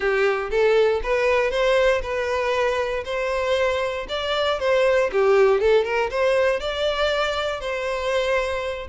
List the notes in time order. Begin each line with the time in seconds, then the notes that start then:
0.00 G4
0.50 A4
1.03 B4
1.50 C5
2.02 B4
3.05 C5
4.09 D5
4.59 C5
5.12 G4
5.60 A4
5.84 A#4
6.10 C5
6.60 D5
7.60 C5